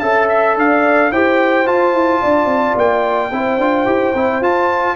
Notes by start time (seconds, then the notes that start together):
0.00 C#4 A4 E5 A5
0.29 E5
0.57 D4 D5 F5
1.11 E4 G4 C5 G5
1.67 F4 A5
1.93 E4
2.22 D4 D5
2.45 C4
2.75 A#3 G5
3.32 C4 E4 C5
3.58 D4 F4
3.86 E4 G4
4.15 C4 E4
4.41 F4 A5